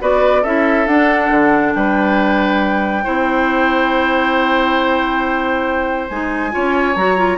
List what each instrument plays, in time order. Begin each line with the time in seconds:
0.00 bassoon B3, clarinet F#4, oboe B4, flute D5
0.42 bassoon C#4, clarinet E4, oboe A4, flute E5
0.87 bassoon D4, clarinet D4, flute F#5
1.30 bassoon D3
1.74 bassoon G3, oboe B4, flute G5
3.04 bassoon C4, clarinet E4, oboe C5
6.09 bassoon G#3, clarinet D#4, flute G#5
6.51 bassoon C#4, clarinet F4, oboe C#5
6.95 bassoon F#3, clarinet F#4, flute A#5
7.17 clarinet F4